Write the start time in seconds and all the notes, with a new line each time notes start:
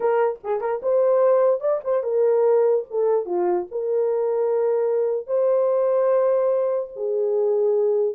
0.00 A#4
0.43 G#4
0.60 A#4
0.82 C5
1.60 D5
1.83 C5
2.03 A#4
2.90 A4
3.25 F4
3.71 A#4
5.26 C5
6.95 G#4